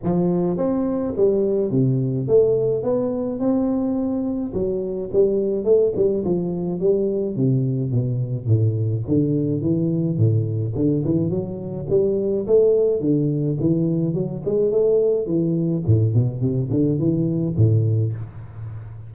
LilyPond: \new Staff \with { instrumentName = "tuba" } { \time 4/4 \tempo 4 = 106 f4 c'4 g4 c4 | a4 b4 c'2 | fis4 g4 a8 g8 f4 | g4 c4 b,4 a,4 |
d4 e4 a,4 d8 e8 | fis4 g4 a4 d4 | e4 fis8 gis8 a4 e4 | a,8 b,8 c8 d8 e4 a,4 | }